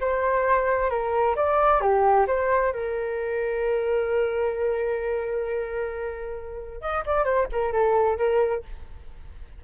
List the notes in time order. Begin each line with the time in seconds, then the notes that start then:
0.00 C5
0.90 A#4
1.36 D5
1.80 G4
2.27 C5
2.73 A#4
6.81 D#5
7.06 D5
7.24 C5
7.51 A#4
7.72 A4
8.17 A#4